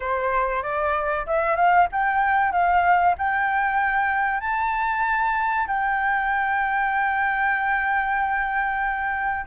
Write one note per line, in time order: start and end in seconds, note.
0.00 0.63 C5
0.63 1.26 D5
1.26 1.56 E5
1.56 1.87 F5
1.92 2.51 G5
2.51 3.15 F5
3.18 4.40 G5
4.40 5.66 A5
5.67 9.46 G5